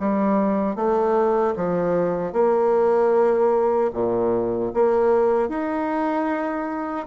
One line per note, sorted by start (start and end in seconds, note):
0.00 0.76 G3
0.76 1.55 A3
1.56 2.33 F3
2.33 3.91 A#3
3.94 4.73 A#2
4.74 5.49 A#3
5.49 7.07 D#4